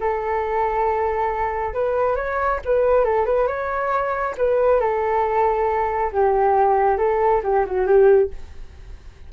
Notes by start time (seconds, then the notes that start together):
0.00 A4
1.74 B4
2.16 C#5
2.65 B4
3.05 A4
3.25 B4
3.47 C#5
4.38 B4
4.80 A4
6.12 G4
6.98 A4
7.44 G4
7.66 F#4
7.87 G4